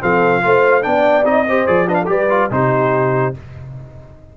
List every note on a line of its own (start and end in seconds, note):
0.00 0.44 F3
0.00 0.42 C4
0.00 0.43 A4
0.00 0.83 F5
0.42 0.86 A3
0.42 0.82 F4
0.42 0.85 C5
0.82 1.25 B3
0.82 1.24 D4
0.82 1.48 D5
0.82 1.25 G5
1.25 1.67 C4
1.25 1.46 D#4
1.25 1.67 D#5
1.48 1.67 G4
1.48 1.89 C5
1.67 2.09 F3
1.67 1.88 G#4
1.67 1.88 D5
1.88 2.06 D4
1.88 1.99 B4
1.88 1.94 D#5
1.94 2.05 F5
2.02 2.26 G4
2.02 2.11 A4
2.09 2.51 G3
2.09 2.53 B4
2.09 2.51 D5
2.30 2.51 F4
2.51 3.34 C3
2.51 3.34 D#4
2.51 3.37 G4
2.51 3.36 C5